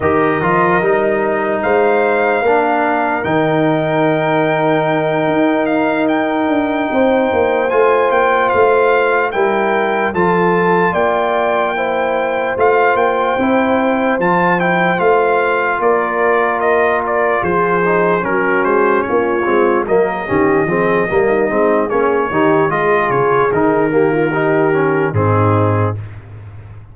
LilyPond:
<<
  \new Staff \with { instrumentName = "trumpet" } { \time 4/4 \tempo 4 = 74 dis''2 f''2 | g''2. f''8 g''8~ | g''4. gis''8 g''8 f''4 g''8~ | g''8 a''4 g''2 f''8 |
g''4. a''8 g''8 f''4 d''8~ | d''8 dis''8 d''8 c''4 ais'8 c''8 cis''8~ | cis''8 dis''2~ dis''8 cis''4 | dis''8 cis''8 ais'2 gis'4 | }
  \new Staff \with { instrumentName = "horn" } { \time 4/4 ais'2 c''4 ais'4~ | ais'1~ | ais'8 c''2. ais'8~ | ais'8 a'4 d''4 c''4.~ |
c''2.~ c''8 ais'8~ | ais'4. gis'4 fis'4 f'8~ | f'8 ais'8 g'8 gis'8 ais'16 dis'8. gis'8 g'8 | gis'4. g'16 f'16 g'4 dis'4 | }
  \new Staff \with { instrumentName = "trombone" } { \time 4/4 g'8 f'8 dis'2 d'4 | dis'1~ | dis'4. f'2 e'8~ | e'8 f'2 e'4 f'8~ |
f'8 e'4 f'8 e'8 f'4.~ | f'2 dis'8 cis'4. | c'8 ais8 cis'8 c'8 ais8 c'8 cis'8 dis'8 | f'4 dis'8 ais8 dis'8 cis'8 c'4 | }
  \new Staff \with { instrumentName = "tuba" } { \time 4/4 dis8 f8 g4 gis4 ais4 | dis2~ dis8 dis'4. | d'8 c'8 ais8 a8 ais8 a4 g8~ | g8 f4 ais2 a8 |
ais8 c'4 f4 a4 ais8~ | ais4. f4 fis8 gis8 ais8 | gis8 fis8 dis8 f8 g8 gis8 ais8 dis8 | gis8 cis8 dis2 gis,4 | }
>>